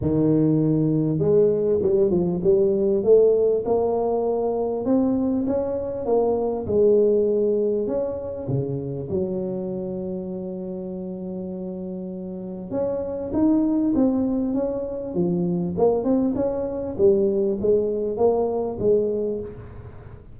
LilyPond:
\new Staff \with { instrumentName = "tuba" } { \time 4/4 \tempo 4 = 99 dis2 gis4 g8 f8 | g4 a4 ais2 | c'4 cis'4 ais4 gis4~ | gis4 cis'4 cis4 fis4~ |
fis1~ | fis4 cis'4 dis'4 c'4 | cis'4 f4 ais8 c'8 cis'4 | g4 gis4 ais4 gis4 | }